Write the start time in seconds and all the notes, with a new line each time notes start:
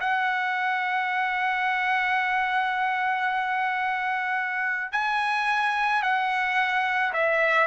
0.00 F#5
4.92 G#5
6.03 F#5
7.13 E5